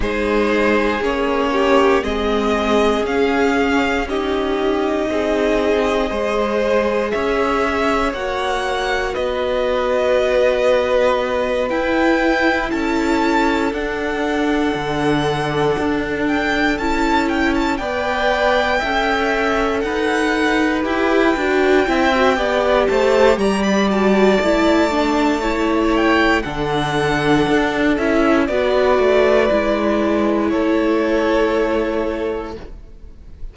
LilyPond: <<
  \new Staff \with { instrumentName = "violin" } { \time 4/4 \tempo 4 = 59 c''4 cis''4 dis''4 f''4 | dis''2. e''4 | fis''4 dis''2~ dis''8 g''8~ | g''8 a''4 fis''2~ fis''8 |
g''8 a''8 g''16 a''16 g''2 fis''8~ | fis''8 g''2 a''8 ais''16 b''16 a''8~ | a''4. g''8 fis''4. e''8 | d''2 cis''2 | }
  \new Staff \with { instrumentName = "violin" } { \time 4/4 gis'4. g'8 gis'2 | g'4 gis'4 c''4 cis''4~ | cis''4 b'2.~ | b'8 a'2.~ a'8~ |
a'4. d''4 e''4 b'8~ | b'4. e''8 d''8 c''8 d''4~ | d''4 cis''4 a'2 | b'2 a'2 | }
  \new Staff \with { instrumentName = "viola" } { \time 4/4 dis'4 cis'4 c'4 cis'4 | dis'2 gis'2 | fis'2.~ fis'8 e'8~ | e'4. d'2~ d'8~ |
d'8 e'4 b'4 a'4.~ | a'8 g'8 fis'8 e'16 fis'16 g'4. fis'8 | e'8 d'8 e'4 d'4. e'8 | fis'4 e'2. | }
  \new Staff \with { instrumentName = "cello" } { \time 4/4 gis4 ais4 gis4 cis'4~ | cis'4 c'4 gis4 cis'4 | ais4 b2~ b8 e'8~ | e'8 cis'4 d'4 d4 d'8~ |
d'8 cis'4 b4 cis'4 dis'8~ | dis'8 e'8 d'8 c'8 b8 a8 g4 | a2 d4 d'8 cis'8 | b8 a8 gis4 a2 | }
>>